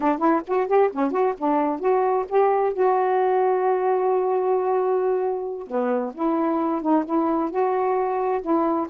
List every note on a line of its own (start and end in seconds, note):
0.00 0.18 D4
0.18 0.41 E4
0.47 0.67 F#4
0.67 0.90 G4
0.92 1.11 C#4
1.11 1.34 F#4
1.38 1.79 D4
1.79 2.25 F#4
2.28 2.73 G4
2.73 5.67 F#4
5.67 6.12 B3
6.14 6.81 E4
6.81 7.04 D#4
7.05 7.50 E4
7.50 8.41 F#4
8.41 8.87 E4